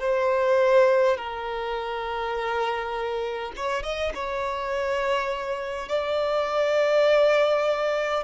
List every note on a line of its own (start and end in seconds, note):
0.00 1.17 C5
1.17 3.52 A#4
3.56 3.83 C#5
3.83 4.12 D#5
4.15 5.89 C#5
5.89 8.24 D5